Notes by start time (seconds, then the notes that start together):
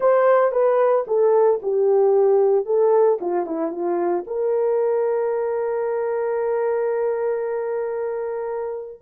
0.00 C5
0.51 B4
1.07 A4
1.62 G4
2.65 A4
3.21 F4
3.46 E4
3.71 F4
4.26 A#4